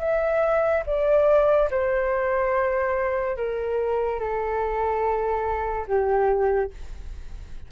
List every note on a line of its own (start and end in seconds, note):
0.00 0.83 E5
0.86 1.70 D5
1.71 3.37 C5
3.37 4.20 A#4
4.20 5.87 A4
5.87 6.71 G4